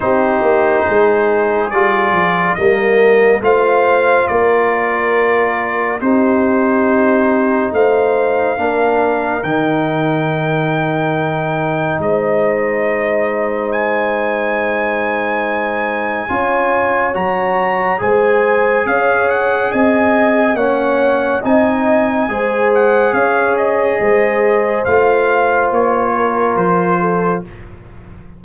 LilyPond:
<<
  \new Staff \with { instrumentName = "trumpet" } { \time 4/4 \tempo 4 = 70 c''2 d''4 dis''4 | f''4 d''2 c''4~ | c''4 f''2 g''4~ | g''2 dis''2 |
gis''1 | ais''4 gis''4 f''8 fis''8 gis''4 | fis''4 gis''4. fis''8 f''8 dis''8~ | dis''4 f''4 cis''4 c''4 | }
  \new Staff \with { instrumentName = "horn" } { \time 4/4 g'4 gis'2 ais'4 | c''4 ais'2 g'4~ | g'4 c''4 ais'2~ | ais'2 c''2~ |
c''2. cis''4~ | cis''4 c''4 cis''4 dis''4 | cis''4 dis''4 c''4 cis''4 | c''2~ c''8 ais'4 a'8 | }
  \new Staff \with { instrumentName = "trombone" } { \time 4/4 dis'2 f'4 ais4 | f'2. dis'4~ | dis'2 d'4 dis'4~ | dis'1~ |
dis'2. f'4 | fis'4 gis'2. | cis'4 dis'4 gis'2~ | gis'4 f'2. | }
  \new Staff \with { instrumentName = "tuba" } { \time 4/4 c'8 ais8 gis4 g8 f8 g4 | a4 ais2 c'4~ | c'4 a4 ais4 dis4~ | dis2 gis2~ |
gis2. cis'4 | fis4 gis4 cis'4 c'4 | ais4 c'4 gis4 cis'4 | gis4 a4 ais4 f4 | }
>>